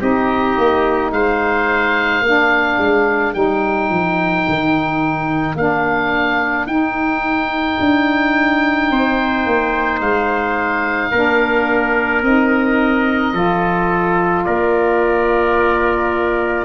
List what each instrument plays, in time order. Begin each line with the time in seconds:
0.00 tuba C4, saxophone D#4, trumpet G4, oboe D#5
0.58 tuba A#3
1.11 tuba G#3, trumpet C5, oboe F5
2.22 tuba A#3, saxophone D4, trumpet A#4
2.78 tuba G#3
3.34 tuba G3, saxophone D#4, oboe G5
3.90 tuba F3
4.49 tuba D#3
5.55 tuba A#3, saxophone D4, oboe F5
6.66 tuba D#4, saxophone D#4, oboe G5
7.80 tuba D4
8.91 tuba C4, trumpet C5
9.46 tuba A#3
10.01 tuba G#3, oboe F5
11.11 tuba A#3, saxophone D4, trumpet A#4
12.22 tuba C4, saxophone D#4, oboe D#5
13.33 tuba F3, saxophone F4, trumpet A4
14.44 tuba A#3, trumpet A#4, oboe D5